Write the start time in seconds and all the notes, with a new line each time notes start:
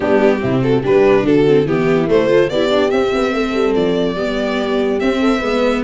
0.00 G3 B3 D4 G4
0.39 C3 C4 E4
0.62 F#4 A4
0.82 G3 D4 G4 B4
1.23 D3 F#4 A4
1.46 C4
1.65 E3 B3 E4 G4
2.08 A3 C5
2.27 F4 A4
2.49 B3 E4 G4 D5
2.69 D4
2.90 C4 E5
3.14 B3
3.33 A3 A4
3.54 G3
3.74 F3 D5
4.14 G3 B3 G4
4.99 C4 E5
5.19 A4
5.38 G#3 B3 B4